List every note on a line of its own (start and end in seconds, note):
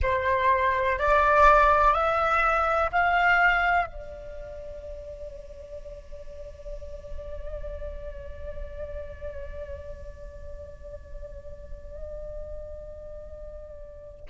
0.02 0.99 C5
0.99 1.94 D5
1.94 2.90 E5
2.92 3.86 F5
3.86 14.27 D5